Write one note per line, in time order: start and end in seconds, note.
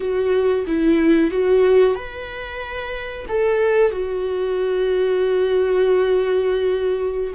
0.00 0.65 F#4
0.67 1.30 E4
1.30 1.95 F#4
1.95 3.25 B4
3.28 3.91 A4
3.91 7.33 F#4